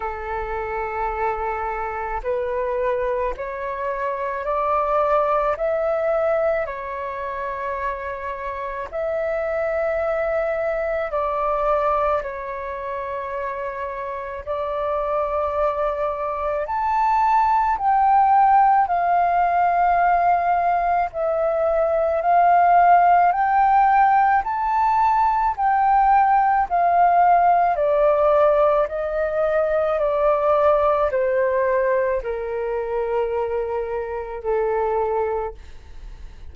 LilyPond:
\new Staff \with { instrumentName = "flute" } { \time 4/4 \tempo 4 = 54 a'2 b'4 cis''4 | d''4 e''4 cis''2 | e''2 d''4 cis''4~ | cis''4 d''2 a''4 |
g''4 f''2 e''4 | f''4 g''4 a''4 g''4 | f''4 d''4 dis''4 d''4 | c''4 ais'2 a'4 | }